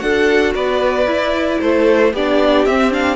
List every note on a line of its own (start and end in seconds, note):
0.00 0.55 D4
0.00 1.07 F#4
0.00 0.54 A4
0.00 0.53 F#5
0.54 1.06 B3
0.54 1.61 B4
0.54 1.61 D5
1.06 1.60 E4
1.06 2.13 E4
1.61 2.13 A3
1.61 2.13 A4
1.61 2.14 C5
2.13 2.67 B3
2.13 2.68 D4
2.13 3.16 G4
2.13 2.66 D5
2.66 3.16 C4
2.66 2.91 C4
2.66 2.92 E5
2.91 3.16 D4
2.91 3.16 F5